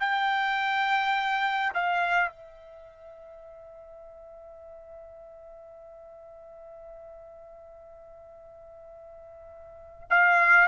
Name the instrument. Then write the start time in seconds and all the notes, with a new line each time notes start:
trumpet
0.00 G5
1.74 F5
2.29 E5
10.10 F5